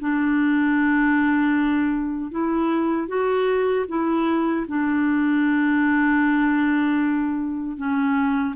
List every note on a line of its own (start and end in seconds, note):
0.00 2.31 D4
2.31 3.08 E4
3.08 3.86 F#4
3.89 4.66 E4
4.68 7.77 D4
7.77 8.55 C#4